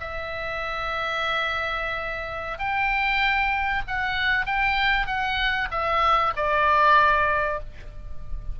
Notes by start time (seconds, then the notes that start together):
0.00 E5
2.58 G5
3.87 F#5
4.46 G5
5.06 F#5
5.71 E5
6.36 D5